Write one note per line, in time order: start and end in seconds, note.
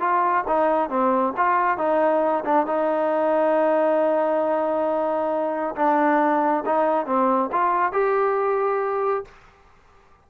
0.00 0.44 F4
0.48 0.89 D#4
0.89 1.34 C4
1.37 1.78 F4
1.78 2.44 D#4
2.45 2.66 D4
2.66 5.75 D#4
5.76 6.64 D4
6.66 7.06 D#4
7.06 7.50 C4
7.52 7.93 F4
7.93 9.25 G4